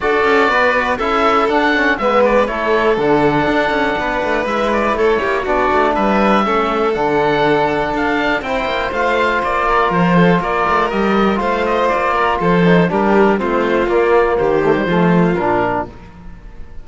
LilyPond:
<<
  \new Staff \with { instrumentName = "oboe" } { \time 4/4 \tempo 4 = 121 d''2 e''4 fis''4 | e''8 d''8 cis''4 fis''2~ | fis''4 e''8 d''8 cis''4 d''4 | e''2 fis''2 |
f''4 g''4 f''4 d''4 | c''4 d''4 dis''4 f''8 dis''8 | d''4 c''4 ais'4 c''4 | d''4 c''2 ais'4 | }
  \new Staff \with { instrumentName = "violin" } { \time 4/4 a'4 b'4 a'2 | b'4 a'2. | b'2 a'8 g'8 fis'4 | b'4 a'2.~ |
a'4 c''2~ c''8 ais'8~ | ais'8 a'8 ais'2 c''4~ | c''8 ais'8 a'4 g'4 f'4~ | f'4 g'4 f'2 | }
  \new Staff \with { instrumentName = "trombone" } { \time 4/4 fis'2 e'4 d'8 cis'8 | b4 e'4 d'2~ | d'4 e'2 d'4~ | d'4 cis'4 d'2~ |
d'4 e'4 f'2~ | f'2 g'4 f'4~ | f'4. dis'8 d'4 c'4 | ais4. a16 g16 a4 d'4 | }
  \new Staff \with { instrumentName = "cello" } { \time 4/4 d'8 cis'8 b4 cis'4 d'4 | gis4 a4 d4 d'8 cis'8 | b8 a8 gis4 a8 ais8 b8 a8 | g4 a4 d2 |
d'4 c'8 ais8 a4 ais4 | f4 ais8 a8 g4 a4 | ais4 f4 g4 a4 | ais4 dis4 f4 ais,4 | }
>>